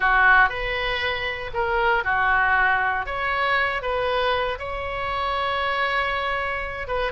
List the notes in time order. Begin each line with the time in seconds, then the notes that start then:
0.00 F#4
0.49 B4
1.53 A#4
2.04 F#4
3.06 C#5
3.82 B4
4.59 C#5
6.87 B4